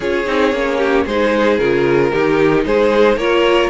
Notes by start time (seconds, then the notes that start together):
0.00 C#4 F4 G#4 C#5
0.25 C4 D#4
0.52 A#3 C#4
0.77 G4
1.05 G#3 D#4 G#4 C5
1.58 C#3 F4 A#4
2.11 D#3 D#4 G4
2.65 G#3 G#4 C5
3.16 A#3 F4 A#4 C#5